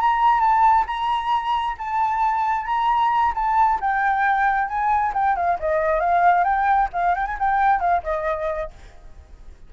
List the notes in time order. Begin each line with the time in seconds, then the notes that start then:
0.00 A#5
0.40 A5
0.87 A#5
1.78 A5
2.66 A#5
3.35 A5
3.81 G5
4.68 G#5
5.14 G5
5.36 F5
5.59 D#5
6.00 F5
6.44 G5
6.93 F5
7.15 G5
7.26 G#5
7.39 G5
7.80 F5
8.03 D#5